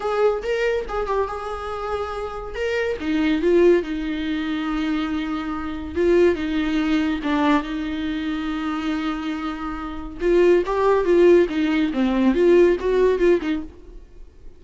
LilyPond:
\new Staff \with { instrumentName = "viola" } { \time 4/4 \tempo 4 = 141 gis'4 ais'4 gis'8 g'8 gis'4~ | gis'2 ais'4 dis'4 | f'4 dis'2.~ | dis'2 f'4 dis'4~ |
dis'4 d'4 dis'2~ | dis'1 | f'4 g'4 f'4 dis'4 | c'4 f'4 fis'4 f'8 dis'8 | }